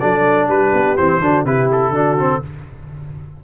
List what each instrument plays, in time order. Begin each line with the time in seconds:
0.00 tuba F#3, trombone D4, horn A4, trumpet D5
0.48 tuba G3, horn G4, trumpet B4
0.73 tuba B3
0.96 tuba E3, trombone C4, trumpet C5
1.20 tuba D3, trombone D4, horn F#4
1.44 tuba C3, trombone E4, horn G4, trumpet B4
1.72 trumpet A4
1.90 tuba D3, trombone D4, horn F#4
2.19 trombone C4